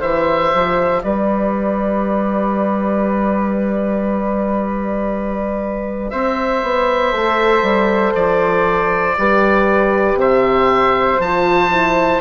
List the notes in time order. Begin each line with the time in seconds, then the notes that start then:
0.00 E3 G4 C5 E5
0.54 F3
1.03 G3 B4 D5
6.10 C4 C5 E5
6.63 B3
7.11 A3 A4
7.63 G3
8.15 F3 D5
9.18 G3 G4 B4
10.15 C3 C5 E5
11.20 F3 F4 A5
11.71 E4